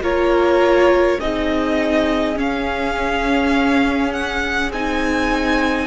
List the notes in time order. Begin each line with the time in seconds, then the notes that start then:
0.00 A#3 F4 A#4 C#5
1.18 C4 D#4 G#4 D#5
2.35 C#4 F5
4.12 F#5
4.71 C4 D#4 G#5